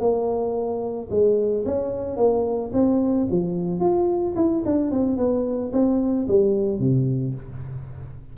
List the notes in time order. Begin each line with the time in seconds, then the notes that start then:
0.00 A#3
1.10 G#3
1.66 C#4
2.17 A#3
2.73 C4
3.31 F3
3.80 F4
4.36 E4
4.66 D4
4.91 C4
5.17 B3
5.73 C4
6.28 G3
6.80 C3